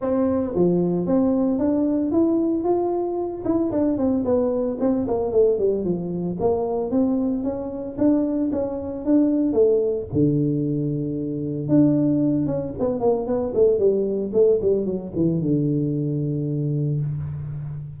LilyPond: \new Staff \with { instrumentName = "tuba" } { \time 4/4 \tempo 4 = 113 c'4 f4 c'4 d'4 | e'4 f'4. e'8 d'8 c'8 | b4 c'8 ais8 a8 g8 f4 | ais4 c'4 cis'4 d'4 |
cis'4 d'4 a4 d4~ | d2 d'4. cis'8 | b8 ais8 b8 a8 g4 a8 g8 | fis8 e8 d2. | }